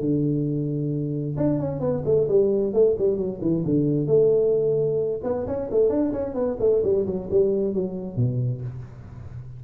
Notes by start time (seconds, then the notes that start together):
0.00 D3
1.37 D4
1.59 C#4
1.80 B3
2.05 A3
2.28 G3
2.73 A3
2.98 G3
3.17 F#3
3.41 E3
3.65 D3
4.07 A3
5.23 B3
5.47 C#4
5.71 A3
5.89 D4
6.13 C#4
6.34 B3
6.59 A3
6.83 G3
7.06 F#3
7.30 G3
7.74 F#3
8.16 B2